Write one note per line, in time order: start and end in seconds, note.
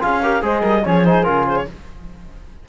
0.00 0.42 C#4
0.00 0.21 F4
0.00 0.21 G#4
0.00 0.42 F5
0.22 0.41 G4
0.22 0.43 A#4
0.41 0.62 G#3
0.41 0.82 G#4
0.41 0.61 C5
0.41 0.85 D#5
0.61 0.84 G3
0.61 0.81 A#4
0.84 1.25 F3
0.84 1.04 C#4
0.84 1.68 G#4
0.84 1.05 C#5
1.05 1.23 D#4
1.05 1.23 C5
1.23 1.66 C#3
1.23 1.64 F4
1.23 1.44 A#4
1.47 1.56 C5
1.56 1.66 C#5